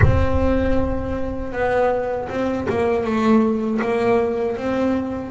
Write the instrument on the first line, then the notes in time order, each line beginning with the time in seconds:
double bass
0.02 C4
1.52 B3
2.29 C4
2.69 A#3
3.04 A3
3.81 A#3
4.57 C4